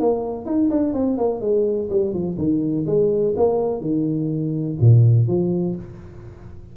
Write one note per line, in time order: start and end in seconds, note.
0.00 0.46 A#3
0.46 0.70 D#4
0.70 0.94 D4
0.94 1.18 C4
1.18 1.41 A#3
1.41 1.89 G#3
1.90 2.14 G3
2.14 2.38 F3
2.38 2.86 D#3
2.86 3.34 G#3
3.36 3.81 A#3
3.81 4.77 D#3
4.81 5.28 A#2
5.28 5.76 F3